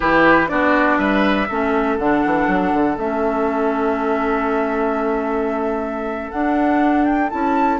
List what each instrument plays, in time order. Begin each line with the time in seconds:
0.00 bassoon E3, clarinet E4, oboe G4, flute B4
0.47 bassoon B3, clarinet D4, oboe F#4, flute D5
0.98 bassoon G3, oboe B4, flute E5
1.48 bassoon A3, clarinet C#4, oboe A4
1.98 bassoon D3, clarinet D4, flute F#5
2.25 bassoon E3
2.47 bassoon F#3
2.73 bassoon D3
2.97 bassoon A3, clarinet C#4, flute E5
6.31 bassoon D4, clarinet D4, flute F#5
7.04 flute G5
7.30 bassoon C#4, clarinet E4, flute A5